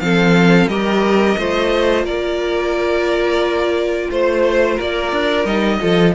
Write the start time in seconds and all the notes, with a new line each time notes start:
0.00 F3 C4 A4 F5
0.67 G3 G4 A#4 D#5
1.38 A3 F4 C5
2.05 A#3 A#4 D5
4.11 A3 C5
4.75 A#3 A#4 D5
5.12 D4
5.45 G3 D#4 D#5
5.81 F3 F4 A4